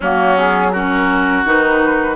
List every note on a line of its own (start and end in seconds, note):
0.00 1.44 F#3
0.00 0.36 A#3
0.00 0.71 C#4
0.00 0.38 F#4
0.36 0.72 B3
0.36 0.72 G#4
0.72 1.45 C#4
0.72 2.15 F#4
0.72 1.44 A#4
1.44 2.15 D#3
1.44 2.15 D#4
1.44 2.15 B4